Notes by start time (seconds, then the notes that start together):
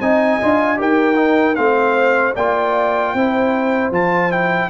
0.00 C4 D#4 D#5 G#5
0.42 D4 F4
0.77 D#4 G4 A#4 G5
1.15 D#4
1.55 A3 C4 C5 F5
2.34 A#3 F4 D5 G5
3.14 C4 E4 C5
3.91 F3 F4 A5
4.31 E4 G5